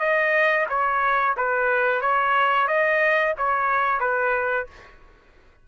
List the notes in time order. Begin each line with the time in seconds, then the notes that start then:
0.00 D#5
0.70 C#5
1.37 B4
2.02 C#5
2.68 D#5
3.38 C#5
4.01 B4